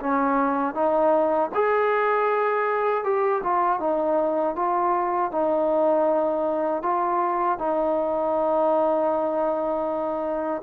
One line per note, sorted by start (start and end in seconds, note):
0.00 0.74 C#4
0.74 1.50 D#4
1.55 3.04 G#4
3.04 3.42 G4
3.43 3.80 F4
3.80 4.56 D#4
4.56 5.32 F4
5.32 6.83 D#4
6.83 7.58 F4
7.58 10.62 D#4